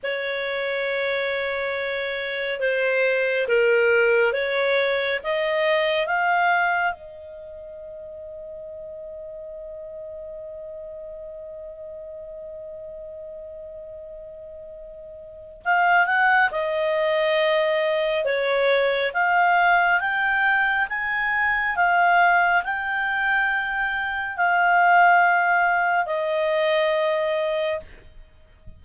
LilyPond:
\new Staff \with { instrumentName = "clarinet" } { \time 4/4 \tempo 4 = 69 cis''2. c''4 | ais'4 cis''4 dis''4 f''4 | dis''1~ | dis''1~ |
dis''2 f''8 fis''8 dis''4~ | dis''4 cis''4 f''4 g''4 | gis''4 f''4 g''2 | f''2 dis''2 | }